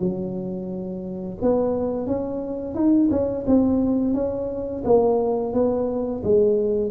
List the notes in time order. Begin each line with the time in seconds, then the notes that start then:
0.00 F#3
1.42 B3
2.07 C#4
2.76 D#4
3.11 C#4
3.48 C4
4.14 C#4
4.85 A#3
5.54 B3
6.24 G#3